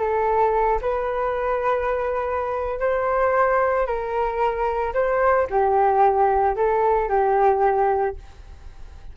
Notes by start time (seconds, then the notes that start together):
0.00 A4
0.82 B4
2.80 C5
3.87 A#4
4.94 C5
5.50 G4
6.56 A4
7.09 G4